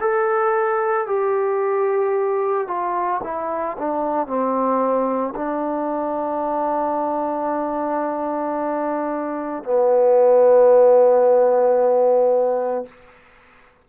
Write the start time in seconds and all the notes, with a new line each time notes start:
0.00 A4
1.07 G4
2.67 F4
3.23 E4
3.78 D4
4.27 C4
5.35 D4
9.64 B3